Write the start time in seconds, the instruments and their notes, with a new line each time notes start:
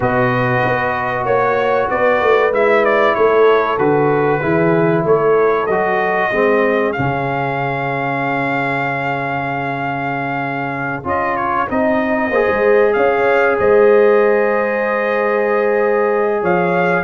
0.00 tuba B2, trombone F#4, horn B4, trumpet D#5
0.64 tuba B3
1.25 tuba A#3, horn C#5, trumpet C#5
1.89 tuba B3, horn B4, trumpet D5
2.20 tuba A3
2.51 tuba G#3, trombone E4, trumpet E5
2.84 trumpet D5
3.14 tuba A3, horn A4, trumpet C#5
3.78 tuba D3, trombone F#4, trumpet B4
4.40 tuba E3, trombone E4, horn G#4
5.04 tuba A3, horn A4, trumpet C#5
5.66 tuba F#3, trombone F#4, trumpet D#5
6.30 tuba G#3, trombone C4, horn G#4
6.92 trombone C#4, trumpet F5
6.98 tuba C#3
11.03 tuba C#4, trombone F4, trumpet D#5
11.36 trumpet C#5
11.67 tuba C4, trombone D#4, trumpet D#5
12.29 tuba A#3, trombone G#4, horn C5
12.49 tuba G#3
12.93 tuba C#4, horn C#5, trumpet F5
13.58 tuba G#3, horn C5, trumpet D#5
16.41 tuba F3, horn C#5, trumpet F5